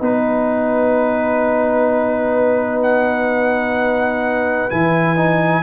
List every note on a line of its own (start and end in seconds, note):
0.00 4.70 B3
0.00 4.70 D#4
0.00 5.62 B4
0.00 2.83 B4
2.83 4.71 F#5
4.71 5.64 E3
4.71 5.17 E4
4.71 5.64 G#5
5.17 5.63 D#4